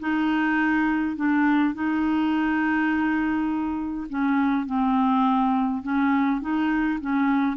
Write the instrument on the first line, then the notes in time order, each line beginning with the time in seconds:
clarinet
0.00 D#4
1.16 D4
1.74 D#4
4.09 C#4
4.66 C4
5.83 C#4
6.41 D#4
7.01 C#4